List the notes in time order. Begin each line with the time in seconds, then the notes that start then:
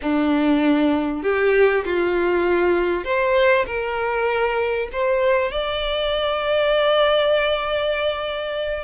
0.01 D4
1.22 G4
1.85 F4
3.04 C5
3.66 A#4
4.92 C5
5.51 D5